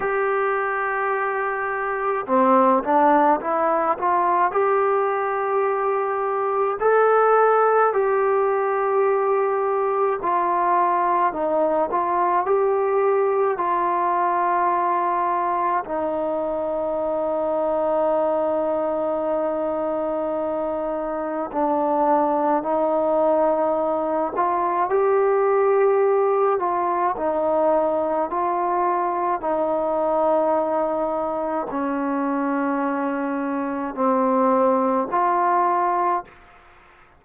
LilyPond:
\new Staff \with { instrumentName = "trombone" } { \time 4/4 \tempo 4 = 53 g'2 c'8 d'8 e'8 f'8 | g'2 a'4 g'4~ | g'4 f'4 dis'8 f'8 g'4 | f'2 dis'2~ |
dis'2. d'4 | dis'4. f'8 g'4. f'8 | dis'4 f'4 dis'2 | cis'2 c'4 f'4 | }